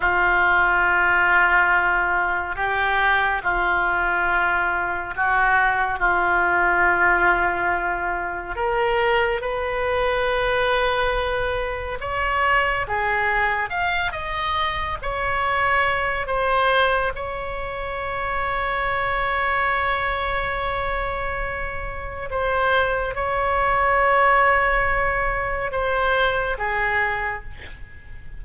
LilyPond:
\new Staff \with { instrumentName = "oboe" } { \time 4/4 \tempo 4 = 70 f'2. g'4 | f'2 fis'4 f'4~ | f'2 ais'4 b'4~ | b'2 cis''4 gis'4 |
f''8 dis''4 cis''4. c''4 | cis''1~ | cis''2 c''4 cis''4~ | cis''2 c''4 gis'4 | }